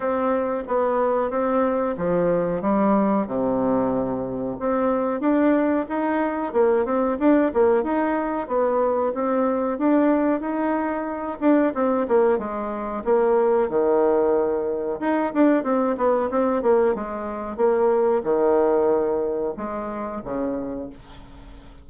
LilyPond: \new Staff \with { instrumentName = "bassoon" } { \time 4/4 \tempo 4 = 92 c'4 b4 c'4 f4 | g4 c2 c'4 | d'4 dis'4 ais8 c'8 d'8 ais8 | dis'4 b4 c'4 d'4 |
dis'4. d'8 c'8 ais8 gis4 | ais4 dis2 dis'8 d'8 | c'8 b8 c'8 ais8 gis4 ais4 | dis2 gis4 cis4 | }